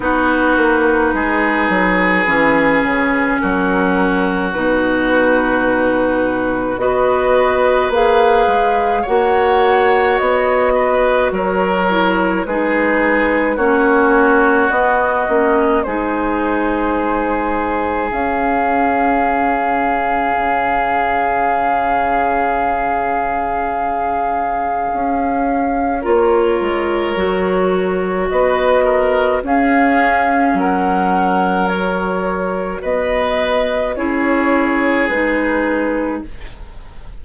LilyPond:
<<
  \new Staff \with { instrumentName = "flute" } { \time 4/4 \tempo 4 = 53 b'2. ais'4 | b'2 dis''4 f''4 | fis''4 dis''4 cis''4 b'4 | cis''4 dis''4 c''2 |
f''1~ | f''2. cis''4~ | cis''4 dis''4 f''4 fis''4 | cis''4 dis''4 cis''4 b'4 | }
  \new Staff \with { instrumentName = "oboe" } { \time 4/4 fis'4 gis'2 fis'4~ | fis'2 b'2 | cis''4. b'8 ais'4 gis'4 | fis'2 gis'2~ |
gis'1~ | gis'2. ais'4~ | ais'4 b'8 ais'8 gis'4 ais'4~ | ais'4 b'4 gis'2 | }
  \new Staff \with { instrumentName = "clarinet" } { \time 4/4 dis'2 cis'2 | dis'2 fis'4 gis'4 | fis'2~ fis'8 e'8 dis'4 | cis'4 b8 cis'8 dis'2 |
cis'1~ | cis'2. f'4 | fis'2 cis'2 | fis'2 e'4 dis'4 | }
  \new Staff \with { instrumentName = "bassoon" } { \time 4/4 b8 ais8 gis8 fis8 e8 cis8 fis4 | b,2 b4 ais8 gis8 | ais4 b4 fis4 gis4 | ais4 b8 ais8 gis2 |
cis'2 cis2~ | cis2 cis'4 ais8 gis8 | fis4 b4 cis'4 fis4~ | fis4 b4 cis'4 gis4 | }
>>